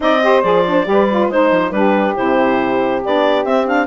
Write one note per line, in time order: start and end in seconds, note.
0.00 0.43 C4
0.00 0.19 D#4
0.00 0.22 D5
0.00 0.42 D#5
0.22 0.43 G4
0.22 0.87 C5
0.42 0.86 F3
0.42 0.64 G#4
0.42 1.29 D5
0.66 0.85 D4
0.85 1.29 G3
0.85 1.07 G4
0.85 1.33 B4
1.10 1.31 F4
1.29 1.50 G#3
1.29 1.72 D#4
1.29 1.71 C5
1.29 1.75 C5
1.51 1.71 F3
1.71 2.14 G3
1.71 2.15 D4
1.71 3.86 G4
1.71 2.14 B4
2.15 3.05 C3
2.15 3.01 E4
2.15 3.02 C5
3.04 3.44 B3
3.04 3.45 D4
3.04 3.45 D5
3.44 3.86 C4
3.44 3.66 C4
3.44 3.66 E5
3.66 3.86 D4
3.66 3.86 F5